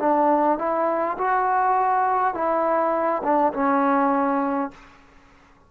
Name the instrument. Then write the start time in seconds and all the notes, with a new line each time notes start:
trombone
0.00 D4
0.59 E4
1.18 F#4
2.35 E4
3.24 D4
3.54 C#4